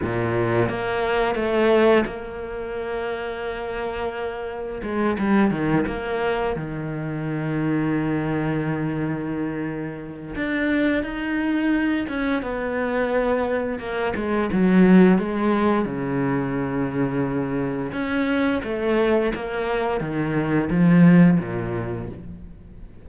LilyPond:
\new Staff \with { instrumentName = "cello" } { \time 4/4 \tempo 4 = 87 ais,4 ais4 a4 ais4~ | ais2. gis8 g8 | dis8 ais4 dis2~ dis8~ | dis2. d'4 |
dis'4. cis'8 b2 | ais8 gis8 fis4 gis4 cis4~ | cis2 cis'4 a4 | ais4 dis4 f4 ais,4 | }